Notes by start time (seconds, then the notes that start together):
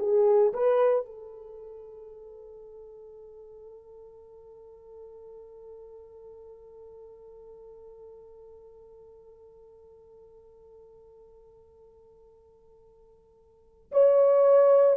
0.00 G#4
0.54 B4
1.06 A4
13.92 C#5